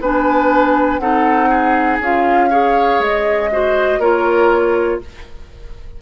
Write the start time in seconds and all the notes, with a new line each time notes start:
0.00 B3 D4 B4 G#5
0.98 C4 D#4 A4 F#5
1.50 G#4
2.00 C#4 F4 F5
2.50 G#4 C#5
2.99 G#3 D#5
3.52 F#4 C5
3.99 A#3 F4 A#4 C#5